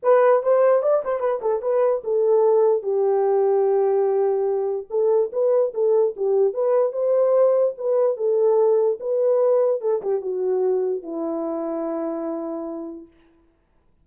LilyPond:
\new Staff \with { instrumentName = "horn" } { \time 4/4 \tempo 4 = 147 b'4 c''4 d''8 c''8 b'8 a'8 | b'4 a'2 g'4~ | g'1 | a'4 b'4 a'4 g'4 |
b'4 c''2 b'4 | a'2 b'2 | a'8 g'8 fis'2 e'4~ | e'1 | }